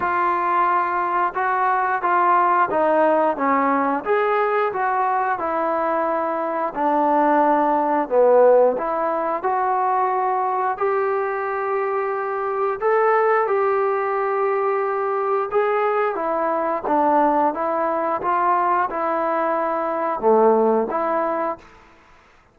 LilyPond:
\new Staff \with { instrumentName = "trombone" } { \time 4/4 \tempo 4 = 89 f'2 fis'4 f'4 | dis'4 cis'4 gis'4 fis'4 | e'2 d'2 | b4 e'4 fis'2 |
g'2. a'4 | g'2. gis'4 | e'4 d'4 e'4 f'4 | e'2 a4 e'4 | }